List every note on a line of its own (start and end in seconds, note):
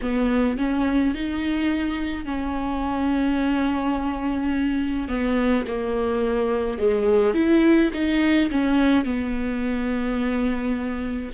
0.01 0.57 B3
0.57 1.14 C#4
1.14 2.25 D#4
2.25 5.08 C#4
5.08 5.64 B3
5.67 6.78 A#3
6.78 7.34 G#3
7.34 7.90 E4
7.93 8.50 D#4
8.51 9.04 C#4
9.04 11.31 B3